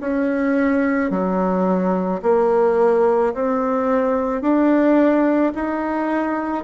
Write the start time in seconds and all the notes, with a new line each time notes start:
0.00 C#4
1.10 F#3
2.22 A#3
3.33 C4
4.41 D4
5.54 D#4